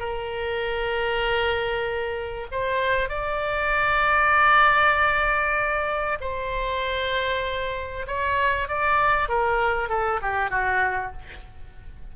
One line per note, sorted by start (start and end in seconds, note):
0.00 2.47 A#4
2.52 3.09 C5
3.09 6.19 D5
6.21 8.06 C5
8.07 8.69 C#5
8.69 9.29 D5
9.29 9.89 A#4
9.89 10.20 A4
10.22 10.50 G4
10.50 11.12 F#4